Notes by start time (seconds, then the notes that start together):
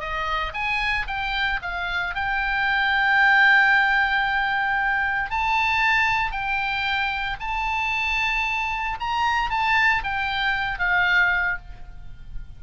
0.00 D#5
0.54 G#5
1.07 G5
1.62 F5
2.15 G5
5.30 A5
6.31 G5
7.40 A5
9.00 A#5
9.50 A5
10.04 G5
10.79 F5